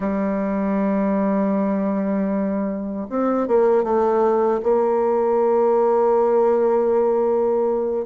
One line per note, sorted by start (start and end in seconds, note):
0.00 3.06 G3
3.09 3.47 C4
3.47 3.83 A#3
3.83 4.60 A3
4.63 8.05 A#3